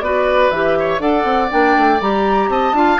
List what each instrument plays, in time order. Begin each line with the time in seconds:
0.00 bassoon B3, clarinet F#4, oboe B4, flute D5
0.50 bassoon E3, clarinet G4, flute E5
0.79 oboe C#5
0.99 bassoon D4, clarinet A4, oboe D5, flute F#5
1.24 bassoon C4
1.49 bassoon A#3, clarinet D4, flute G5
1.76 bassoon A3
2.01 bassoon G3, clarinet G4, flute A#5
2.49 bassoon C4, oboe D#5, flute A5
2.73 bassoon D4, clarinet F4, oboe F5